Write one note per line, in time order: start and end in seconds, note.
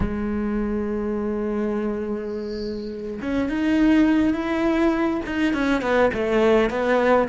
0.00 3.19 G#3
3.21 3.49 C#4
3.49 4.33 D#4
4.33 5.21 E4
5.26 5.53 D#4
5.53 5.81 C#4
5.81 6.10 B3
6.13 6.70 A3
6.70 7.28 B3